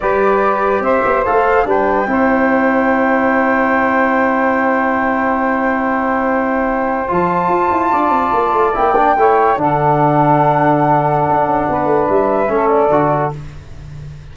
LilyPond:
<<
  \new Staff \with { instrumentName = "flute" } { \time 4/4 \tempo 4 = 144 d''2 e''4 f''4 | g''1~ | g''1~ | g''1~ |
g''4 a''2.~ | a''4 g''2 fis''4~ | fis''1~ | fis''4 e''4. d''4. | }
  \new Staff \with { instrumentName = "saxophone" } { \time 4/4 b'2 c''2 | b'4 c''2.~ | c''1~ | c''1~ |
c''2. d''4~ | d''2 cis''4 a'4~ | a'1 | b'2 a'2 | }
  \new Staff \with { instrumentName = "trombone" } { \time 4/4 g'2. a'4 | d'4 e'2.~ | e'1~ | e'1~ |
e'4 f'2.~ | f'4 e'8 d'8 e'4 d'4~ | d'1~ | d'2 cis'4 fis'4 | }
  \new Staff \with { instrumentName = "tuba" } { \time 4/4 g2 c'8 b8 a4 | g4 c'2.~ | c'1~ | c'1~ |
c'4 f4 f'8 e'8 d'8 c'8 | ais8 a8 ais4 a4 d4~ | d2. d'8 cis'8 | b8 a8 g4 a4 d4 | }
>>